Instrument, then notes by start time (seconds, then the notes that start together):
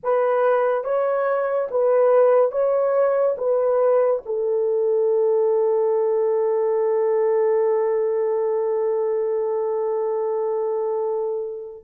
horn
0.03 B4
0.84 C#5
1.71 B4
2.51 C#5
3.37 B4
4.25 A4